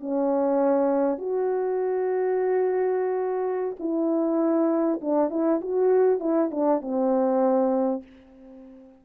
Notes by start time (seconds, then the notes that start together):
0.00 C#4
1.18 F#4
3.79 E4
5.01 D4
5.30 E4
5.61 F#4
6.19 E4
6.51 D4
6.81 C4